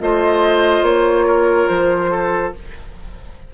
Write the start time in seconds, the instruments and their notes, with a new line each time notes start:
0.00 bassoon A3, clarinet F4, oboe C5, flute D#5
0.83 bassoon A#3, flute C#5
1.27 oboe A#4
1.68 bassoon F3, flute C5
2.12 oboe A4